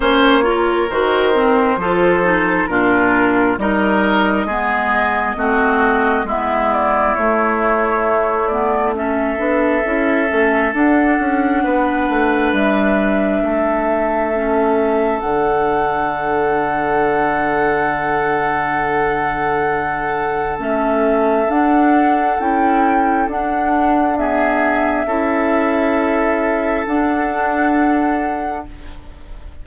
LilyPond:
<<
  \new Staff \with { instrumentName = "flute" } { \time 4/4 \tempo 4 = 67 cis''4 c''2 ais'4 | dis''2. e''8 d''8 | cis''4. d''8 e''2 | fis''2 e''2~ |
e''4 fis''2.~ | fis''2. e''4 | fis''4 g''4 fis''4 e''4~ | e''2 fis''2 | }
  \new Staff \with { instrumentName = "oboe" } { \time 4/4 c''8 ais'4. a'4 f'4 | ais'4 gis'4 fis'4 e'4~ | e'2 a'2~ | a'4 b'2 a'4~ |
a'1~ | a'1~ | a'2. gis'4 | a'1 | }
  \new Staff \with { instrumentName = "clarinet" } { \time 4/4 cis'8 f'8 fis'8 c'8 f'8 dis'8 d'4 | dis'4 b4 c'4 b4 | a4. b8 cis'8 d'8 e'8 cis'8 | d'1 |
cis'4 d'2.~ | d'2. cis'4 | d'4 e'4 d'4 b4 | e'2 d'2 | }
  \new Staff \with { instrumentName = "bassoon" } { \time 4/4 ais4 dis4 f4 ais,4 | g4 gis4 a4 gis4 | a2~ a8 b8 cis'8 a8 | d'8 cis'8 b8 a8 g4 a4~ |
a4 d2.~ | d2. a4 | d'4 cis'4 d'2 | cis'2 d'2 | }
>>